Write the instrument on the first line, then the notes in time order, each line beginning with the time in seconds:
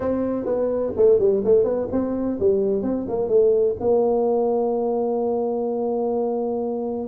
tuba
0.00 C4
0.45 B3
0.96 A3
1.19 G3
1.44 A3
1.64 B3
1.91 C4
2.39 G3
2.82 C4
3.08 A#3
3.28 A3
3.79 A#3